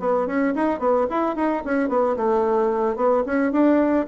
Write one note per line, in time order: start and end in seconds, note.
0.00 0.27 B3
0.27 0.54 C#4
0.56 0.80 D#4
0.80 1.07 B3
1.10 1.36 E4
1.36 1.63 D#4
1.65 1.89 C#4
1.89 2.16 B3
2.17 2.96 A3
2.96 3.23 B3
3.26 3.52 C#4
3.52 4.06 D4